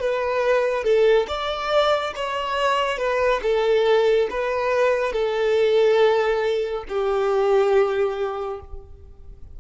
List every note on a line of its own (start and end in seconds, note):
0.00 0.84 B4
0.84 1.27 A4
1.28 2.14 D5
2.15 2.98 C#5
2.98 3.41 B4
3.43 4.29 A4
4.31 5.13 B4
5.13 6.84 A4
6.89 8.60 G4